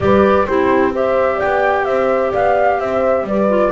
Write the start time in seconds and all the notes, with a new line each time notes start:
0.00 G3 G4 B4 D5
0.46 C4 E4 G4 C5
0.92 G4 C5 E5
1.35 D5 G5
1.43 B3
1.84 C4 C5 E5
2.31 B3 D5 F5
2.79 C4 C5 E5
3.23 G3 B4 D5
3.48 F4